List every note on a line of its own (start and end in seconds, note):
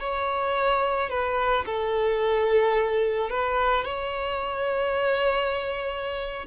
0.00 1.10 C#5
1.10 1.65 B4
1.66 3.30 A4
3.30 3.85 B4
3.85 6.46 C#5